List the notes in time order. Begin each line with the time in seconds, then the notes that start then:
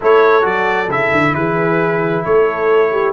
0.00 A3 E4 A4 C#5
0.41 F#3 F#4 D5
0.88 C#3 E4 E5
1.12 D3
1.34 E3 G#4 B4
2.25 A3 A4 C#5
2.92 G4